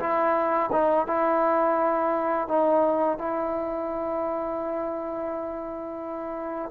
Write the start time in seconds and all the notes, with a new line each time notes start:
0.00 E4
0.73 D#4
1.07 E4
2.48 D#4
3.19 E4